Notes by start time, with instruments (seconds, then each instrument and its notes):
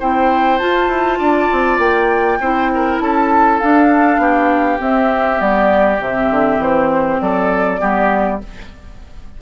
0.00 bassoon C4, clarinet E4, oboe C5, flute G5
0.59 clarinet F4, bassoon F4, flute A5
0.89 bassoon E4
1.19 bassoon D4, oboe D5
1.52 bassoon C4
1.79 bassoon A#3, flute G5
2.41 bassoon C4, clarinet E4, oboe C5
2.75 oboe A#4
3.00 bassoon C#4, oboe A4, flute A5
3.60 clarinet D4, bassoon D4, flute F5
4.18 bassoon B3, oboe G4
4.79 clarinet C4, bassoon C4, flute E5
5.37 bassoon G3, clarinet B3, flute D5
6.00 bassoon C3, clarinet C4, flute E5
6.31 bassoon D3
6.58 bassoon E3, flute C5
7.21 bassoon F#3, oboe A4, flute D5
7.79 bassoon G3, clarinet B3, oboe G4